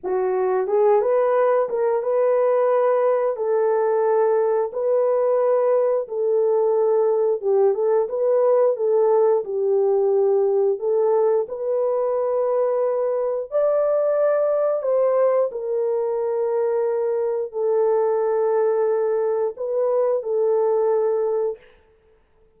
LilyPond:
\new Staff \with { instrumentName = "horn" } { \time 4/4 \tempo 4 = 89 fis'4 gis'8 b'4 ais'8 b'4~ | b'4 a'2 b'4~ | b'4 a'2 g'8 a'8 | b'4 a'4 g'2 |
a'4 b'2. | d''2 c''4 ais'4~ | ais'2 a'2~ | a'4 b'4 a'2 | }